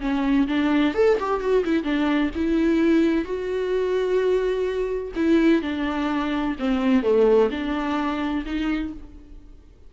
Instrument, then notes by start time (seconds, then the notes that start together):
viola
0.00 C#4
0.48 D4
0.94 A4
1.19 G4
1.40 F#4
1.64 E4
1.83 D4
2.35 E4
3.25 F#4
5.16 E4
5.62 D4
6.59 C4
7.03 A3
7.51 D4
8.46 D#4